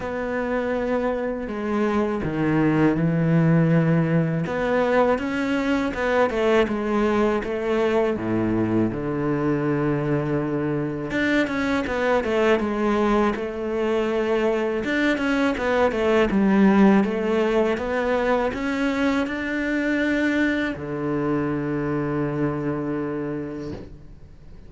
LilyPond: \new Staff \with { instrumentName = "cello" } { \time 4/4 \tempo 4 = 81 b2 gis4 dis4 | e2 b4 cis'4 | b8 a8 gis4 a4 a,4 | d2. d'8 cis'8 |
b8 a8 gis4 a2 | d'8 cis'8 b8 a8 g4 a4 | b4 cis'4 d'2 | d1 | }